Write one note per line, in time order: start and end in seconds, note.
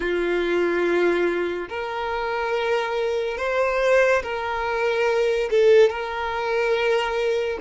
0.00 1.68 F4
1.69 3.37 A#4
3.37 4.22 C5
4.23 5.49 A#4
5.50 5.89 A4
5.89 7.58 A#4